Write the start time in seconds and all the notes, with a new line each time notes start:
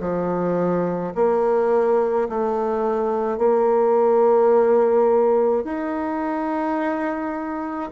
0.00 F3
1.15 A#3
2.29 A3
3.38 A#3
5.64 D#4